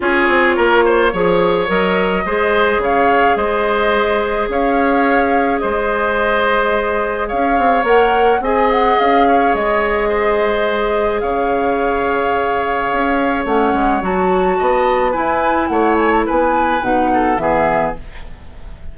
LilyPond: <<
  \new Staff \with { instrumentName = "flute" } { \time 4/4 \tempo 4 = 107 cis''2. dis''4~ | dis''4 f''4 dis''2 | f''2 dis''2~ | dis''4 f''4 fis''4 gis''8 fis''8 |
f''4 dis''2. | f''1 | fis''4 a''2 gis''4 | fis''8 gis''16 a''16 gis''4 fis''4 e''4 | }
  \new Staff \with { instrumentName = "oboe" } { \time 4/4 gis'4 ais'8 c''8 cis''2 | c''4 cis''4 c''2 | cis''2 c''2~ | c''4 cis''2 dis''4~ |
dis''8 cis''4. c''2 | cis''1~ | cis''2 dis''4 b'4 | cis''4 b'4. a'8 gis'4 | }
  \new Staff \with { instrumentName = "clarinet" } { \time 4/4 f'2 gis'4 ais'4 | gis'1~ | gis'1~ | gis'2 ais'4 gis'4~ |
gis'1~ | gis'1 | cis'4 fis'2 e'4~ | e'2 dis'4 b4 | }
  \new Staff \with { instrumentName = "bassoon" } { \time 4/4 cis'8 c'8 ais4 f4 fis4 | gis4 cis4 gis2 | cis'2 gis2~ | gis4 cis'8 c'8 ais4 c'4 |
cis'4 gis2. | cis2. cis'4 | a8 gis8 fis4 b4 e'4 | a4 b4 b,4 e4 | }
>>